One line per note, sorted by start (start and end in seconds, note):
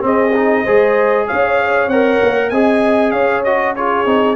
0.00 0.31 C4
0.00 0.65 C4
0.00 0.63 G#4
0.00 1.27 D#5
0.35 0.66 D#4
0.63 1.29 G#3
0.63 1.90 G#4
0.63 1.25 C5
1.27 1.88 C#4
1.27 2.50 C#5
1.27 1.89 F5
1.88 2.19 C4
1.88 2.53 A#4
1.88 2.50 F#5
2.23 2.51 A#3
2.50 3.13 C4
2.50 3.46 G#4
2.50 3.13 D#5
2.50 3.11 G#5
3.11 4.06 C#4
3.11 3.75 C#5
3.11 3.42 F5
3.44 3.77 F#4
3.44 3.75 D#5
3.76 4.06 F4
3.76 4.36 G#4
3.76 4.36 C#5
4.06 4.36 C4
4.06 4.36 D#4